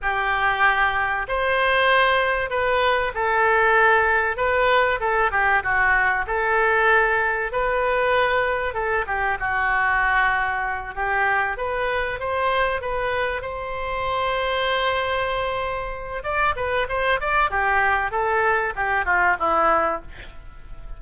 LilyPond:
\new Staff \with { instrumentName = "oboe" } { \time 4/4 \tempo 4 = 96 g'2 c''2 | b'4 a'2 b'4 | a'8 g'8 fis'4 a'2 | b'2 a'8 g'8 fis'4~ |
fis'4. g'4 b'4 c''8~ | c''8 b'4 c''2~ c''8~ | c''2 d''8 b'8 c''8 d''8 | g'4 a'4 g'8 f'8 e'4 | }